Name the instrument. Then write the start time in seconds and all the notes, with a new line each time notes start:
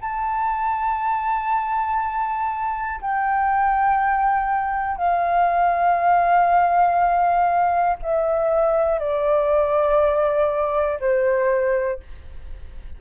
flute
0.00 A5
3.00 G5
4.97 F5
8.02 E5
8.99 D5
11.00 C5